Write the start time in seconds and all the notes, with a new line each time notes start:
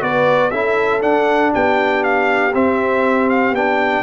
0.00 B3 F#4 B4 D5
0.51 C#4 E4 A4 E5
1.01 D4 F#5
1.52 B3 G4 G5
2.03 F5
2.54 C4 E5
3.29 F5
3.51 B3 D4 G5